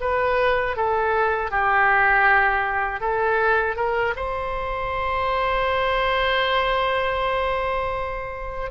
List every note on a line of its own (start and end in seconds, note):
0.00 0.76 B4
0.76 1.51 A4
1.51 3.00 G4
3.00 3.76 A4
3.76 4.14 A#4
4.16 8.71 C5